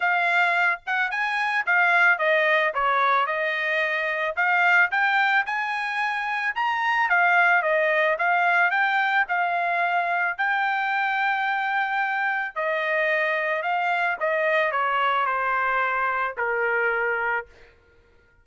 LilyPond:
\new Staff \with { instrumentName = "trumpet" } { \time 4/4 \tempo 4 = 110 f''4. fis''8 gis''4 f''4 | dis''4 cis''4 dis''2 | f''4 g''4 gis''2 | ais''4 f''4 dis''4 f''4 |
g''4 f''2 g''4~ | g''2. dis''4~ | dis''4 f''4 dis''4 cis''4 | c''2 ais'2 | }